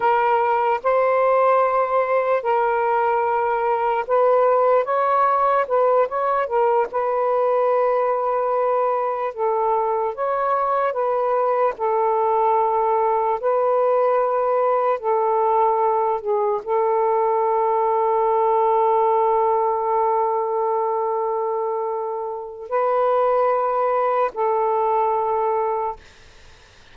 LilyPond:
\new Staff \with { instrumentName = "saxophone" } { \time 4/4 \tempo 4 = 74 ais'4 c''2 ais'4~ | ais'4 b'4 cis''4 b'8 cis''8 | ais'8 b'2. a'8~ | a'8 cis''4 b'4 a'4.~ |
a'8 b'2 a'4. | gis'8 a'2.~ a'8~ | a'1 | b'2 a'2 | }